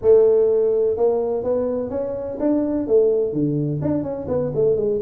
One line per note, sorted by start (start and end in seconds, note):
0.01 0.97 A3
0.97 1.43 A#3
1.43 1.90 B3
1.90 2.37 C#4
2.39 2.87 D4
2.87 3.32 A3
3.32 3.80 D3
3.81 4.03 D4
4.03 4.26 C#4
4.28 4.52 B3
4.54 4.76 A3
4.76 4.99 G#3